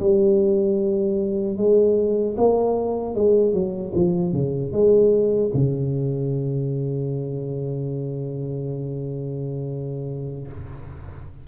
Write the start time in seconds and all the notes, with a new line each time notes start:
0.00 G3
1.57 G#3
2.37 A#3
3.15 G#3
3.53 F#3
3.94 F3
4.32 C#3
4.72 G#3
5.54 C#3